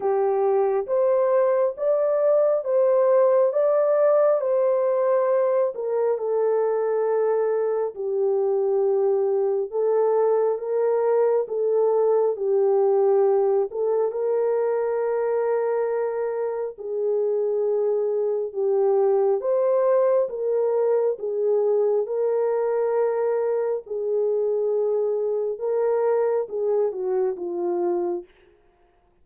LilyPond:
\new Staff \with { instrumentName = "horn" } { \time 4/4 \tempo 4 = 68 g'4 c''4 d''4 c''4 | d''4 c''4. ais'8 a'4~ | a'4 g'2 a'4 | ais'4 a'4 g'4. a'8 |
ais'2. gis'4~ | gis'4 g'4 c''4 ais'4 | gis'4 ais'2 gis'4~ | gis'4 ais'4 gis'8 fis'8 f'4 | }